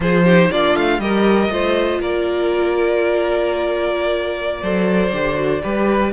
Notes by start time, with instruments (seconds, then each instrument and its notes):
0.00 cello F3, viola F4, violin G#4 C5
0.24 viola D#4, violin G4
0.51 cello A#3, viola D4, violin F4 D5
0.75 cello A3, violin F5
0.99 cello G3, viola G4, violin A#4 D#5
1.49 cello A3, viola F4, violin C5
2.00 cello A#3, violin A#4 D5
4.61 cello F#3, viola A4, violin C5
5.12 cello D3, viola G4
5.35 viola F#4
5.62 cello G3, viola G4, violin B4